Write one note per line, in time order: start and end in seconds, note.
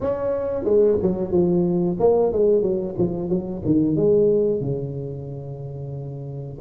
0.00 0.64 C#4
0.64 0.97 G#3
1.02 1.31 F#3
1.31 1.97 F3
1.99 2.32 A#3
2.32 2.61 G#3
2.61 2.94 F#3
2.98 3.29 F3
3.29 3.62 F#3
3.65 3.96 D#3
3.96 4.61 G#3
4.61 6.58 C#3